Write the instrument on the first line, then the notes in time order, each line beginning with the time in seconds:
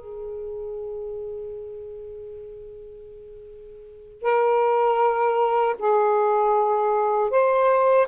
saxophone
0.00 G#4
4.22 A#4
5.79 G#4
7.30 C5